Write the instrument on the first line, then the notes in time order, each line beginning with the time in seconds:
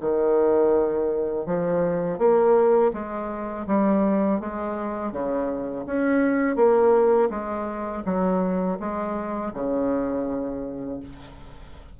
bassoon
0.00 D#3
1.46 F3
2.18 A#3
2.93 G#3
3.67 G3
4.40 G#3
5.12 C#3
5.86 C#4
6.56 A#3
7.30 G#3
8.05 F#3
8.79 G#3
9.53 C#3